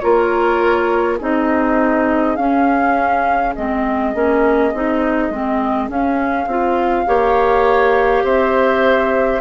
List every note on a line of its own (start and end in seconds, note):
0.00 1.21 A#3
0.00 1.20 F4
0.00 1.19 A#4
0.00 1.18 C#5
1.19 2.38 C4
1.19 2.37 D#4
1.19 7.07 G#4
1.19 2.37 D#5
2.37 3.55 C#4
2.37 3.54 F5
3.55 4.15 G#3
3.55 4.14 C4
3.55 5.91 D#5
4.14 4.74 A#3
4.14 4.73 C#4
4.74 5.30 C4
4.74 5.33 D#4
5.30 5.89 G#3
5.30 5.89 C4
5.89 6.47 C#4
5.89 6.48 C#4
5.89 8.27 F5
6.47 7.06 C4
6.47 7.06 F4
7.06 8.24 A#3
7.06 9.41 G4
7.06 8.24 C#5
8.24 9.41 C4
8.24 9.41 C5
8.24 9.41 E5